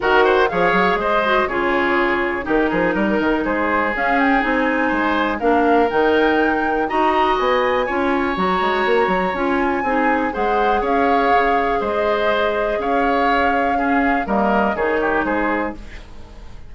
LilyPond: <<
  \new Staff \with { instrumentName = "flute" } { \time 4/4 \tempo 4 = 122 fis''4 f''4 dis''4 cis''4~ | cis''4 ais'2 c''4 | f''8 g''8 gis''2 f''4 | g''2 ais''4 gis''4~ |
gis''4 ais''2 gis''4~ | gis''4 fis''4 f''2 | dis''2 f''2~ | f''4 dis''4 cis''4 c''4 | }
  \new Staff \with { instrumentName = "oboe" } { \time 4/4 ais'8 c''8 cis''4 c''4 gis'4~ | gis'4 g'8 gis'8 ais'4 gis'4~ | gis'2 c''4 ais'4~ | ais'2 dis''2 |
cis''1 | gis'4 c''4 cis''2 | c''2 cis''2 | gis'4 ais'4 gis'8 g'8 gis'4 | }
  \new Staff \with { instrumentName = "clarinet" } { \time 4/4 fis'4 gis'4. fis'8 f'4~ | f'4 dis'2. | cis'4 dis'2 d'4 | dis'2 fis'2 |
f'4 fis'2 f'4 | dis'4 gis'2.~ | gis'1 | cis'4 ais4 dis'2 | }
  \new Staff \with { instrumentName = "bassoon" } { \time 4/4 dis4 f8 fis8 gis4 cis4~ | cis4 dis8 f8 g8 dis8 gis4 | cis'4 c'4 gis4 ais4 | dis2 dis'4 b4 |
cis'4 fis8 gis8 ais8 fis8 cis'4 | c'4 gis4 cis'4 cis4 | gis2 cis'2~ | cis'4 g4 dis4 gis4 | }
>>